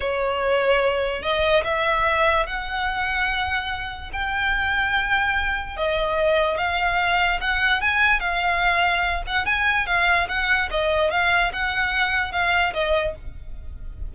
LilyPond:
\new Staff \with { instrumentName = "violin" } { \time 4/4 \tempo 4 = 146 cis''2. dis''4 | e''2 fis''2~ | fis''2 g''2~ | g''2 dis''2 |
f''2 fis''4 gis''4 | f''2~ f''8 fis''8 gis''4 | f''4 fis''4 dis''4 f''4 | fis''2 f''4 dis''4 | }